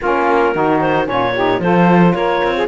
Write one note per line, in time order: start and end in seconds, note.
0.00 0.55 A#3
0.00 0.53 C#4
0.00 0.53 F4
0.00 0.81 A#4
0.53 1.07 D#3
0.53 1.04 D#4
0.53 1.06 F#4
0.81 1.07 C5
1.04 1.59 A#2
1.04 1.31 C#4
1.04 1.34 F4
1.04 1.61 C#5
1.34 1.60 D#4
1.34 1.61 G4
1.59 2.13 F3
1.59 2.67 F4
1.59 2.14 A4
1.59 2.14 C5
2.14 2.41 A#3
2.14 2.54 A#4
2.14 2.67 C#5
2.43 2.67 C4
2.56 2.67 G#4